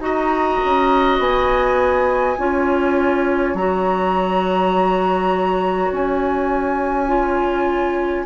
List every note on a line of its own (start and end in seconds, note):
0.00 0.59 D#4
0.00 2.36 F#4
0.00 2.39 D#5
0.00 1.18 A#5
0.65 1.19 C#4
1.19 2.37 B3
1.19 3.56 G#5
2.38 3.54 C#4
2.38 3.56 F4
2.38 8.26 C#5
3.54 5.90 F#3
3.54 7.08 F#4
3.54 5.92 A#5
5.92 8.26 C#4
5.92 8.26 G#5
7.08 8.26 F4